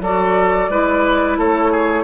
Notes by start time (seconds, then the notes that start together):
0.00 F#3 F#4 A4 D5
0.69 G#3 E4 B4
1.38 A3 A4 C#5
1.72 G#4